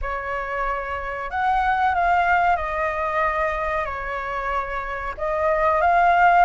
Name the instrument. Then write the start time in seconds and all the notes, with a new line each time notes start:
flute
0.01 C#5
1.30 F#5
1.94 F5
2.56 D#5
3.85 C#5
5.17 D#5
5.81 F5